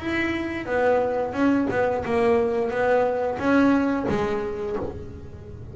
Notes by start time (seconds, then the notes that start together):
0.00 E4
0.66 B3
1.34 C#4
1.71 B3
2.05 A#3
2.71 B3
3.39 C#4
4.09 G#3